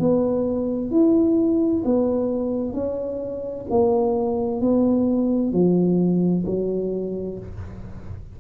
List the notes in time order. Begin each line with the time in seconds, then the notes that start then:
0.00 B3
0.91 E4
1.85 B3
2.74 C#4
3.70 A#3
4.61 B3
5.53 F3
6.46 F#3